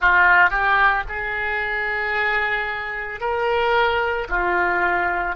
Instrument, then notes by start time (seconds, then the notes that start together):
oboe
0.00 F4
0.50 G4
1.08 G#4
3.20 A#4
4.29 F4